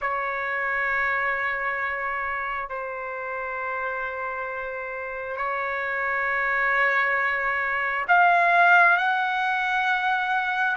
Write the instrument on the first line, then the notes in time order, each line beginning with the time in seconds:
trumpet
0.01 C#5
2.69 C5
5.36 C#5
8.08 F5
8.97 F#5